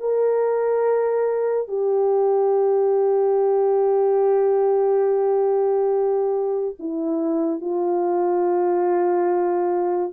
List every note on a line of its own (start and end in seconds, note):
0.00 1.68 A#4
1.68 6.75 G4
6.80 7.61 E4
7.61 10.13 F4